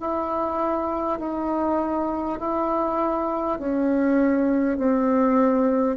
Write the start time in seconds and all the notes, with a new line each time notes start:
0.00 E4
1.19 D#4
2.39 E4
3.59 C#4
4.77 C4